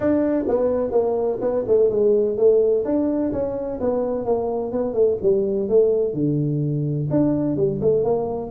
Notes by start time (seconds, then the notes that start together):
0.00 D4
0.47 B3
0.91 A#3
1.40 B3
1.67 A3
1.90 G#3
2.37 A3
2.84 D4
3.32 C#4
3.80 B3
4.25 A#3
4.72 B3
4.93 A3
5.21 G3
5.68 A3
6.13 D3
7.10 D4
7.56 G3
7.81 A3
8.03 A#3